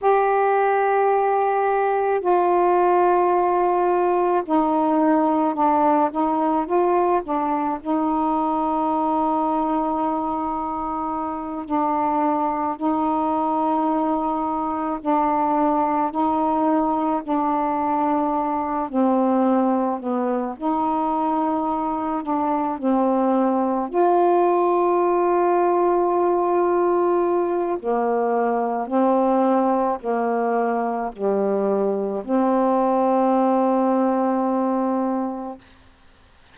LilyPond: \new Staff \with { instrumentName = "saxophone" } { \time 4/4 \tempo 4 = 54 g'2 f'2 | dis'4 d'8 dis'8 f'8 d'8 dis'4~ | dis'2~ dis'8 d'4 dis'8~ | dis'4. d'4 dis'4 d'8~ |
d'4 c'4 b8 dis'4. | d'8 c'4 f'2~ f'8~ | f'4 ais4 c'4 ais4 | g4 c'2. | }